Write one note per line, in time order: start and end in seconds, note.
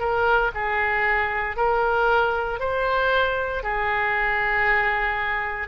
0.00 0.52 A#4
0.55 1.57 G#4
1.57 2.60 A#4
2.60 3.63 C5
3.63 5.68 G#4